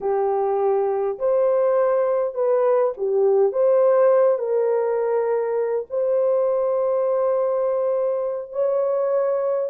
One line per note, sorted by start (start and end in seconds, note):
0.01 1.18 G4
1.18 2.34 C5
2.34 2.93 B4
2.97 3.52 G4
3.52 4.38 C5
4.38 5.85 A#4
5.90 8.52 C5
8.52 9.70 C#5